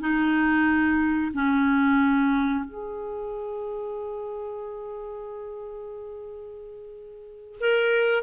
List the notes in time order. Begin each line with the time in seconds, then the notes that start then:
0.00 D#4
1.34 C#4
2.65 G#4
7.60 A#4